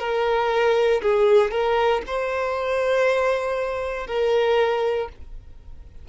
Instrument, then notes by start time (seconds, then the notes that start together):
violin
0.00 A#4
1.02 G#4
1.52 A#4
2.07 C5
4.07 A#4